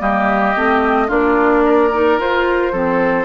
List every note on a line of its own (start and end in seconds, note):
0.00 0.55 G3
0.00 0.55 A#3
0.00 1.07 G4
0.00 1.10 D#5
0.55 1.10 A3
0.55 1.08 C4
1.07 2.18 A#3
1.07 1.90 D4
1.07 1.62 F4
1.07 2.20 D5
1.65 2.72 A#4
1.92 2.18 D#4
2.18 2.72 F4
2.18 3.25 C5
2.72 3.25 F3
2.72 3.25 C4
2.72 3.25 A4